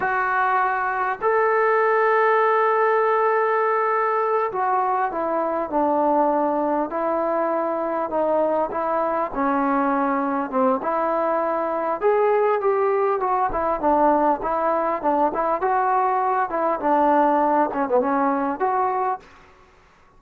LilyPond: \new Staff \with { instrumentName = "trombone" } { \time 4/4 \tempo 4 = 100 fis'2 a'2~ | a'2.~ a'8 fis'8~ | fis'8 e'4 d'2 e'8~ | e'4. dis'4 e'4 cis'8~ |
cis'4. c'8 e'2 | gis'4 g'4 fis'8 e'8 d'4 | e'4 d'8 e'8 fis'4. e'8 | d'4. cis'16 b16 cis'4 fis'4 | }